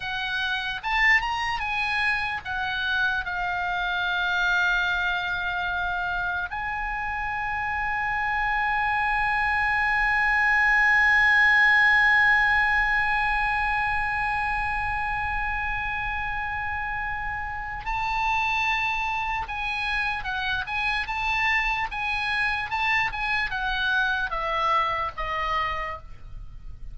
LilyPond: \new Staff \with { instrumentName = "oboe" } { \time 4/4 \tempo 4 = 74 fis''4 a''8 ais''8 gis''4 fis''4 | f''1 | gis''1~ | gis''1~ |
gis''1~ | gis''2 a''2 | gis''4 fis''8 gis''8 a''4 gis''4 | a''8 gis''8 fis''4 e''4 dis''4 | }